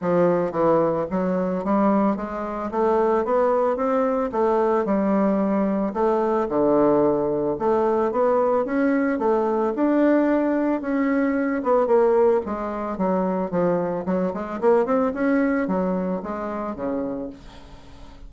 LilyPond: \new Staff \with { instrumentName = "bassoon" } { \time 4/4 \tempo 4 = 111 f4 e4 fis4 g4 | gis4 a4 b4 c'4 | a4 g2 a4 | d2 a4 b4 |
cis'4 a4 d'2 | cis'4. b8 ais4 gis4 | fis4 f4 fis8 gis8 ais8 c'8 | cis'4 fis4 gis4 cis4 | }